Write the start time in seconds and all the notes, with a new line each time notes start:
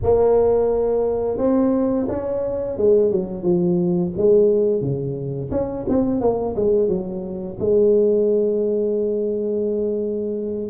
0.02 A#3
1.37 C4
2.08 C#4
2.77 G#3
3.11 F#3
3.42 F3
4.17 G#3
4.81 C#3
5.51 C#4
5.88 C4
6.20 A#3
6.55 G#3
6.88 F#3
7.59 G#3